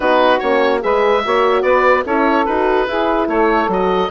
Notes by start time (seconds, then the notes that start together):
0.00 B3 D#4 F#4 B4
0.39 A#3 C#4 C#5
0.80 G#3 G#4 B4 E5
1.24 A#3 F#4 C#5
1.62 B3 B4 D5
2.04 C#4 E4 A4 C#5
2.45 D#4 F#4 B4
2.87 E4 G#4
3.27 A3 A4 C#5
3.68 F#3 F#4 D#5